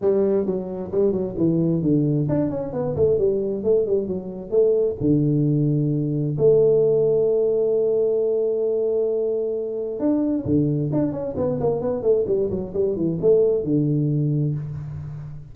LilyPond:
\new Staff \with { instrumentName = "tuba" } { \time 4/4 \tempo 4 = 132 g4 fis4 g8 fis8 e4 | d4 d'8 cis'8 b8 a8 g4 | a8 g8 fis4 a4 d4~ | d2 a2~ |
a1~ | a2 d'4 d4 | d'8 cis'8 b8 ais8 b8 a8 g8 fis8 | g8 e8 a4 d2 | }